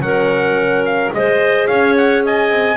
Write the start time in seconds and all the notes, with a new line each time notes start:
0.00 F#3 C#4 A#4 F#5
0.86 F5
1.13 G#3 G#4 C5 D#5
1.67 C#4 C#5 F5
1.97 F#5
2.25 D#5 G#5
2.50 C4